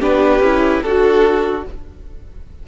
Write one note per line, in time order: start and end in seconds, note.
0.00 0.39 B3
0.00 0.41 D4
0.00 0.81 G4
0.00 0.82 B4
0.39 0.80 C#4
0.39 0.85 E4
0.82 1.64 D4
0.82 1.66 F#4
0.82 1.67 F#4
0.82 1.63 A4